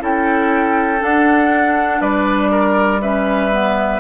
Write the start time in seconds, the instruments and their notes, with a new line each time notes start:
0.00 bassoon C#4, clarinet E4, oboe A4, flute G5
0.99 clarinet D4, bassoon D4, flute F#5
2.01 bassoon G3, oboe B4, flute D5
2.51 oboe A#4
3.02 clarinet C#4, oboe B4, flute E5
3.51 clarinet B3